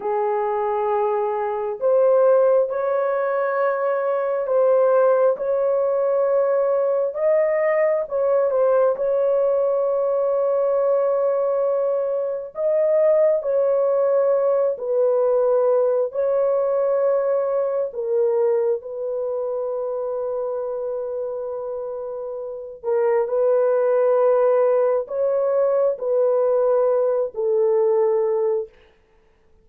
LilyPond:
\new Staff \with { instrumentName = "horn" } { \time 4/4 \tempo 4 = 67 gis'2 c''4 cis''4~ | cis''4 c''4 cis''2 | dis''4 cis''8 c''8 cis''2~ | cis''2 dis''4 cis''4~ |
cis''8 b'4. cis''2 | ais'4 b'2.~ | b'4. ais'8 b'2 | cis''4 b'4. a'4. | }